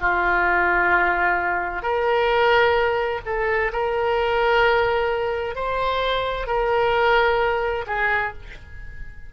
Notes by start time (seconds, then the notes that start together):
0.00 F4
1.82 A#4
3.25 A4
3.72 A#4
5.55 C5
6.47 A#4
7.87 G#4